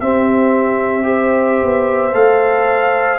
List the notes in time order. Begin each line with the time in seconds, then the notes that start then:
0.00 C4 G4 E5
1.03 G4 C5
1.63 B3
2.14 A3 A4 F5